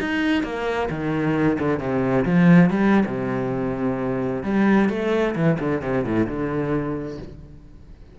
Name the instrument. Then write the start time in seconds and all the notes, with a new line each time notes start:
cello
0.00 D#4
0.43 A#3
0.90 D#3
1.59 D3
1.79 C3
2.25 F3
2.70 G3
3.06 C3
4.43 G3
4.89 A3
5.35 E3
5.60 D3
5.82 C3
6.04 A2
6.26 D3